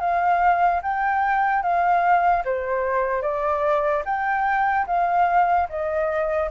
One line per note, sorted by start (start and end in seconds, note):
0.00 0.81 F5
0.82 1.63 G5
1.63 2.44 F5
2.45 3.22 C5
3.22 4.03 D5
4.05 4.86 G5
4.87 5.68 F5
5.69 6.50 D#5